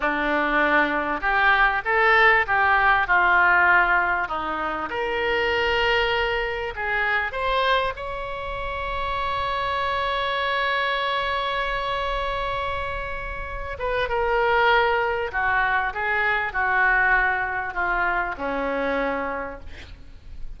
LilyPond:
\new Staff \with { instrumentName = "oboe" } { \time 4/4 \tempo 4 = 98 d'2 g'4 a'4 | g'4 f'2 dis'4 | ais'2. gis'4 | c''4 cis''2.~ |
cis''1~ | cis''2~ cis''8 b'8 ais'4~ | ais'4 fis'4 gis'4 fis'4~ | fis'4 f'4 cis'2 | }